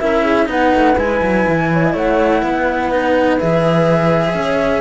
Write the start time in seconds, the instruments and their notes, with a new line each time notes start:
0.00 cello C#4 E4, horn A#4, flute E5
0.23 horn G#4
0.46 cello B3 D#4, horn B4, flute F#5
0.75 cello A3
0.97 cello G#3 E4, flute G#5
1.22 cello F#3
1.48 cello E3
1.73 horn C#5
1.84 horn D#5
1.93 cello A3, horn C#5, flute F#5
2.42 cello B3, horn B4
2.91 cello D#4
3.39 cello E3 G#4, flute E5
4.34 cello C#4, horn C#5